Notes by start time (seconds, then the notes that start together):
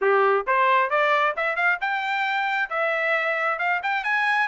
0.01 G4
0.46 C5
0.90 D5
1.36 E5
1.56 F5
1.80 G5
2.69 E5
3.58 F5
3.82 G5
4.03 G#5